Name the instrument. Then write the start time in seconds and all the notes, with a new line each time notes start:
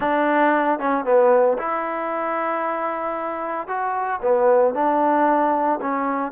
trombone
0.00 D4
0.79 C#4
1.05 B3
1.58 E4
3.67 F#4
4.22 B3
4.74 D4
5.81 C#4